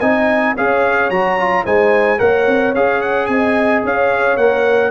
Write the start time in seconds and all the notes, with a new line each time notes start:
0.00 C4 D#4 D#5 G#5
0.55 C#4 G#4 C#5 F5
1.10 F#3 F#4 A#5
1.39 F4
1.64 G#3 D#4 C5 G#5
2.18 A#3 A#4 C#5 F#5
2.47 C4
2.74 C#4 G#4 F5
3.01 F#5
3.26 C4 D#5 G#5
3.84 C#4 C#5 F5
4.37 A#3 A#4 F#5